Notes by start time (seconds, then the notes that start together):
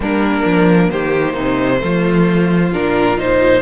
0.00 G3 A#3 D4 A#4
0.45 F3
0.90 D#3 G4 C5
1.33 C3 D#4
1.78 F3 A3 F4
2.73 A#2 D4 A#4
3.17 D#4 C5